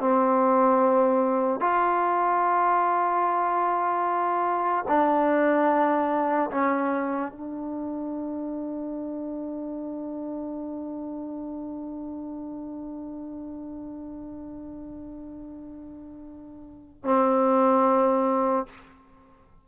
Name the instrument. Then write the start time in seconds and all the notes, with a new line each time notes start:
trombone
0.00 C4
1.60 F4
4.88 D4
6.51 C#4
7.32 D4
17.04 C4